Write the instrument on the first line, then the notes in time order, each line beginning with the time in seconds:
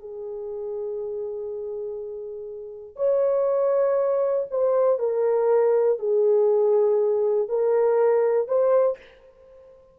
horn
0.00 G#4
2.96 C#5
4.51 C5
4.99 A#4
6.00 G#4
7.49 A#4
8.48 C5